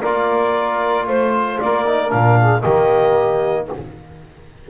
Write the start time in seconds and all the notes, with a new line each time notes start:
0.00 A#3 F4 A#4 D5
1.07 A3 C5
1.60 A#3 A#4 D5
1.85 D#4
2.08 A#2 D4 F5
2.39 G#4
2.61 D#3 A#3 G4 D#5